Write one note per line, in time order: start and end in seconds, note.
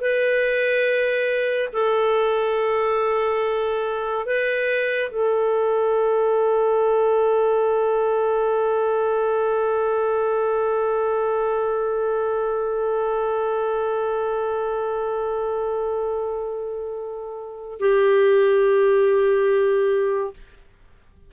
0.00 1.69 B4
1.73 4.25 A4
4.25 5.10 B4
5.10 17.78 A4
17.79 20.33 G4